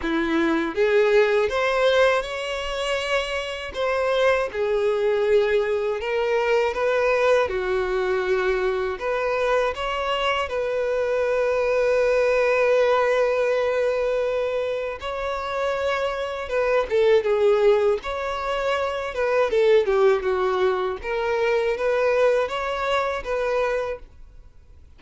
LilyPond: \new Staff \with { instrumentName = "violin" } { \time 4/4 \tempo 4 = 80 e'4 gis'4 c''4 cis''4~ | cis''4 c''4 gis'2 | ais'4 b'4 fis'2 | b'4 cis''4 b'2~ |
b'1 | cis''2 b'8 a'8 gis'4 | cis''4. b'8 a'8 g'8 fis'4 | ais'4 b'4 cis''4 b'4 | }